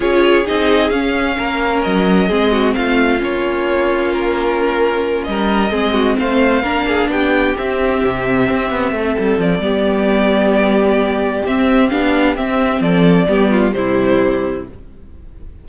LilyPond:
<<
  \new Staff \with { instrumentName = "violin" } { \time 4/4 \tempo 4 = 131 cis''4 dis''4 f''2 | dis''2 f''4 cis''4~ | cis''4 ais'2~ ais'8 dis''8~ | dis''4. f''2 g''8~ |
g''8 e''2.~ e''8~ | e''8 d''2.~ d''8~ | d''4 e''4 f''4 e''4 | d''2 c''2 | }
  \new Staff \with { instrumentName = "violin" } { \time 4/4 gis'2. ais'4~ | ais'4 gis'8 fis'8 f'2~ | f'2.~ f'8 ais'8~ | ais'8 gis'8 fis'8 c''4 ais'8 gis'8 g'8~ |
g'2.~ g'8 a'8~ | a'4 g'2.~ | g'1 | a'4 g'8 f'8 e'2 | }
  \new Staff \with { instrumentName = "viola" } { \time 4/4 f'4 dis'4 cis'2~ | cis'4 c'2 cis'4~ | cis'1~ | cis'8 c'2 d'4.~ |
d'8 c'2.~ c'8~ | c'4 b2.~ | b4 c'4 d'4 c'4~ | c'4 b4 g2 | }
  \new Staff \with { instrumentName = "cello" } { \time 4/4 cis'4 c'4 cis'4 ais4 | fis4 gis4 a4 ais4~ | ais2.~ ais8 g8~ | g8 gis4 a4 ais4 b8~ |
b8 c'4 c4 c'8 b8 a8 | g8 f8 g2.~ | g4 c'4 b4 c'4 | f4 g4 c2 | }
>>